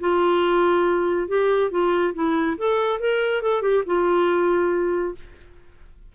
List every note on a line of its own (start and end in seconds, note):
0.00 1.28 F4
1.28 1.71 G4
1.71 2.14 F4
2.14 2.57 E4
2.58 3.00 A4
3.00 3.42 A#4
3.42 3.62 A4
3.62 3.84 G4
3.86 5.15 F4